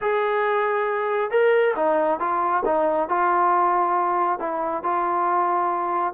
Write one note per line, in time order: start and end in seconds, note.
0.01 1.30 G#4
1.30 1.74 A#4
1.75 2.19 D#4
2.19 2.63 F4
2.65 3.08 D#4
3.08 4.39 F4
4.39 4.83 E4
4.83 6.13 F4